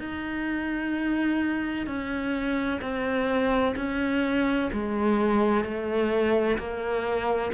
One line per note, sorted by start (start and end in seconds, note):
0.00 1.87 D#4
1.87 2.80 C#4
2.82 3.75 C4
3.77 4.70 C#4
4.73 5.65 G#3
5.65 6.58 A3
6.58 7.52 A#3